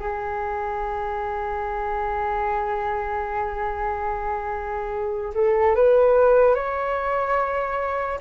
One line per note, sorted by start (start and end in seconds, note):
0.00 5.34 G#4
5.35 5.76 A4
5.76 6.55 B4
6.55 8.20 C#5